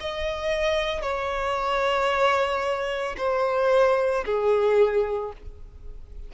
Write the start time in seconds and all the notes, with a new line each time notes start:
0.00 D#5
1.01 C#5
3.18 C5
4.25 G#4